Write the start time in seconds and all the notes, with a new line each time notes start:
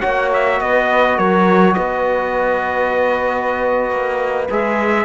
0.00 A#3 F#4 C#5 F#5
0.33 E5
0.60 B3 B4 D#5
1.17 F#3 A#4 C#5
1.74 B3 B4 D#5
3.91 A#3
4.50 G#3 G#4 E5